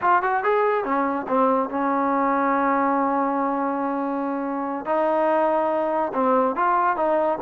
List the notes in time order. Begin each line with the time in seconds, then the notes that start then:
0.01 F4
0.22 F#4
0.43 G#4
0.84 C#4
1.28 C4
1.69 C#4
4.85 D#4
6.13 C4
6.55 F4
6.96 D#4